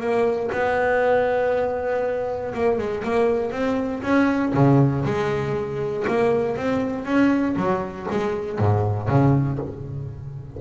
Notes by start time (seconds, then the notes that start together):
0.00 A#3
0.52 B3
2.54 A#3
2.78 G#3
3.04 A#3
3.51 C4
4.02 C#4
4.54 C#3
5.05 G#3
6.08 A#3
6.57 C4
7.05 C#4
7.56 F#3
8.11 G#3
8.59 G#2
9.08 C#3